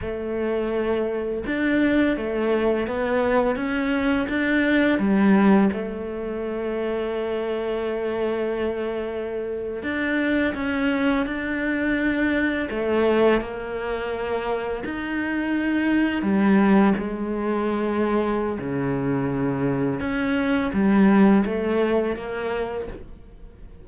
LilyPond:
\new Staff \with { instrumentName = "cello" } { \time 4/4 \tempo 4 = 84 a2 d'4 a4 | b4 cis'4 d'4 g4 | a1~ | a4.~ a16 d'4 cis'4 d'16~ |
d'4.~ d'16 a4 ais4~ ais16~ | ais8. dis'2 g4 gis16~ | gis2 cis2 | cis'4 g4 a4 ais4 | }